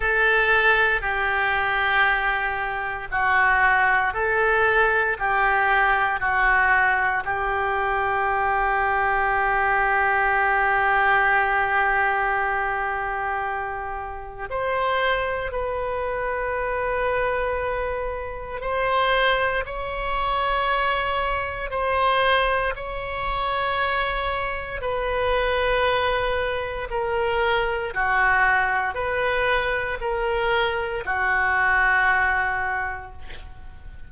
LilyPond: \new Staff \with { instrumentName = "oboe" } { \time 4/4 \tempo 4 = 58 a'4 g'2 fis'4 | a'4 g'4 fis'4 g'4~ | g'1~ | g'2 c''4 b'4~ |
b'2 c''4 cis''4~ | cis''4 c''4 cis''2 | b'2 ais'4 fis'4 | b'4 ais'4 fis'2 | }